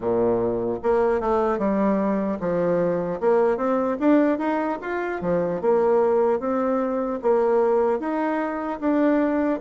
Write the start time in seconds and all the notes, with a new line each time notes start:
0.00 A#2
0.82 A#3
1.20 A3
1.58 G3
2.40 F3
3.20 A#3
3.57 C4
3.99 D4
4.38 D#4
4.81 F4
5.21 F3
5.61 A#3
6.39 C4
7.21 A#3
7.99 D#4
8.80 D4